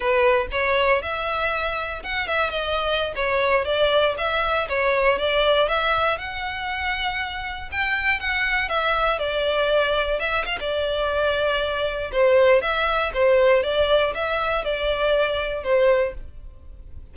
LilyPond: \new Staff \with { instrumentName = "violin" } { \time 4/4 \tempo 4 = 119 b'4 cis''4 e''2 | fis''8 e''8 dis''4~ dis''16 cis''4 d''8.~ | d''16 e''4 cis''4 d''4 e''8.~ | e''16 fis''2. g''8.~ |
g''16 fis''4 e''4 d''4.~ d''16~ | d''16 e''8 f''16 d''2. | c''4 e''4 c''4 d''4 | e''4 d''2 c''4 | }